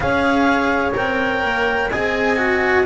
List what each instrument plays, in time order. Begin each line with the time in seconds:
0.00 double bass C#4, cello G#4, horn C#5, clarinet F5
0.93 double bass C4, cello A#4, clarinet G5
1.43 double bass A#3
1.90 double bass C4, cello G#4, horn D#5, clarinet G#5
2.37 cello F#4